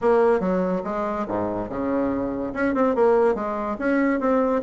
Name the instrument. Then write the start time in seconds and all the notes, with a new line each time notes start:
bassoon
0.01 A#3
0.40 F#3
0.84 G#3
1.27 G#2
1.69 C#3
2.53 C#4
2.74 C4
2.95 A#3
3.34 G#3
3.78 C#4
4.20 C4